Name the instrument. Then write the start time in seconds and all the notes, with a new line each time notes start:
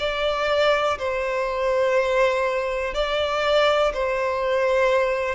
violin
0.00 D5
0.99 C5
2.94 D5
3.94 C5